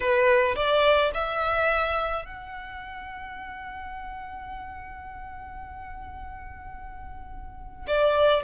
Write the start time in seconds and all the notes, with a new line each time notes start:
0.00 B4
0.55 D5
1.14 E5
2.25 F#5
7.87 D5